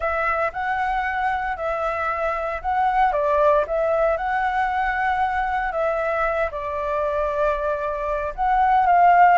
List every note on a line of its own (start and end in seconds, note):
0.00 0.51 E5
0.52 1.57 F#5
1.57 2.61 E5
2.61 3.12 F#5
3.12 3.64 D5
3.67 4.17 E5
4.17 5.72 F#5
5.72 6.50 E5
6.51 8.33 D5
8.35 8.86 F#5
8.86 9.38 F5